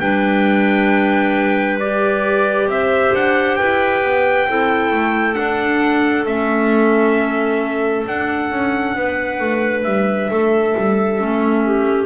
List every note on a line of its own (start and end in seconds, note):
0.00 2.66 G3
0.00 1.80 D4
0.00 2.69 B4
0.00 1.79 G5
1.80 4.49 G4
1.80 2.69 D5
2.66 3.11 C4
2.66 3.59 C5
2.66 3.15 E5
3.14 3.58 D4
3.14 3.56 F#5
3.56 4.03 E4
3.56 4.48 B4
3.56 5.35 G5
4.03 4.48 B3
4.49 4.92 C4
4.49 5.34 E4
4.49 8.97 A4
4.92 5.37 A3
5.34 6.24 D4
5.34 6.26 D4
5.34 6.24 F#5
6.26 8.05 A3
6.26 8.07 C#4
6.26 8.05 E5
8.07 11.19 D4
8.07 8.51 D4
8.07 9.83 F#5
8.51 8.95 C#4
8.95 9.40 B3
8.95 10.31 B4
9.40 9.85 A3
9.83 10.30 G3
9.83 12.06 E5
10.30 10.75 A3
10.30 11.65 A4
10.77 11.21 G3
11.19 12.06 A3
11.19 12.06 C#4
11.65 12.06 G4